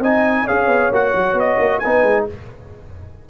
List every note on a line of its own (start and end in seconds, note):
0.00 0.45 C4
0.00 0.48 D#4
0.00 0.45 D#5
0.00 0.48 G#5
0.45 0.67 C#4
0.45 0.93 G#4
0.45 1.81 C#5
0.45 0.93 F5
0.67 0.90 B3
0.92 1.14 A#3
0.92 1.83 F#4
0.92 1.40 F#5
1.15 1.34 F#3
1.34 1.56 B3
1.40 1.80 D#5
1.59 1.82 A#3
1.80 2.30 D#4
1.80 2.26 B4
1.80 2.25 G#5
1.86 2.03 B3
2.03 2.26 G#3